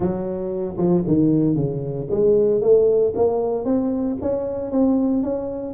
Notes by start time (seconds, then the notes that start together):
0.00 F#3
0.77 F3
1.07 D#3
1.55 C#3
2.10 G#3
2.61 A3
3.15 A#3
3.65 C4
4.21 C#4
4.71 C4
5.23 C#4